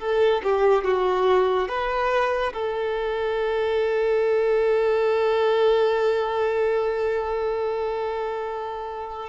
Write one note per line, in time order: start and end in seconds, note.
0.00 0.42 A4
0.43 0.85 G4
0.85 1.69 F#4
1.69 2.53 B4
2.54 9.29 A4